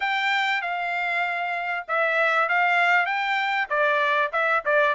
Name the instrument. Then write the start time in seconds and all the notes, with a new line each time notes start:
trumpet
0.00 G5
0.61 F5
1.88 E5
2.49 F5
3.05 G5
3.69 D5
4.32 E5
4.65 D5